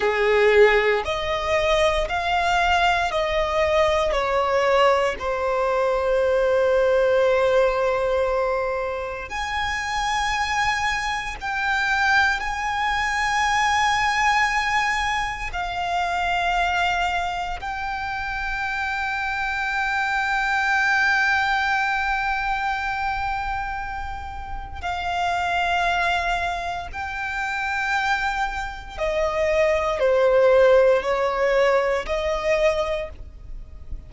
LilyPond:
\new Staff \with { instrumentName = "violin" } { \time 4/4 \tempo 4 = 58 gis'4 dis''4 f''4 dis''4 | cis''4 c''2.~ | c''4 gis''2 g''4 | gis''2. f''4~ |
f''4 g''2.~ | g''1 | f''2 g''2 | dis''4 c''4 cis''4 dis''4 | }